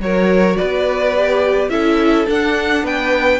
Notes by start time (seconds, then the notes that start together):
0.00 F#3 F#4 A#4 C#5
0.57 B3 B4 D5
1.16 G4
1.69 C#4 E4 A4 E5
2.26 D4 F#5
2.83 B3 B4 G5